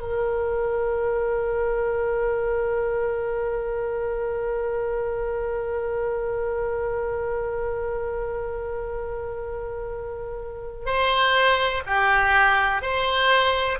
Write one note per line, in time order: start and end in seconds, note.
0.00 10.86 A#4
10.86 11.83 C5
11.87 12.82 G4
12.82 13.79 C5